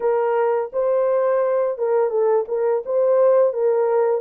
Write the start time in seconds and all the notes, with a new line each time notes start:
0.00 A#4
0.73 C5
1.78 A#4
2.10 A4
2.48 A#4
2.85 C5
3.53 A#4